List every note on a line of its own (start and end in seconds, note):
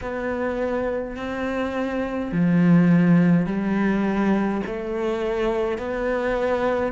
0.01 1.16 B3
1.16 2.31 C4
2.32 3.46 F3
3.46 4.61 G3
4.66 5.77 A3
5.77 6.92 B3